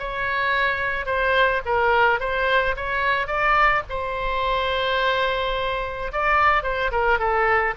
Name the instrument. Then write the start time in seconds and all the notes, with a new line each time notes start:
oboe
0.00 C#5
1.06 C5
1.66 A#4
2.20 C5
2.77 C#5
3.27 D5
3.90 C5
6.13 D5
6.64 C5
6.92 A#4
7.19 A4